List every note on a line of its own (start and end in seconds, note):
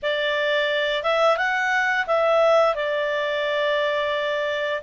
0.02 1.03 D5
1.03 1.37 E5
1.37 2.06 F#5
2.07 2.75 E5
2.75 4.82 D5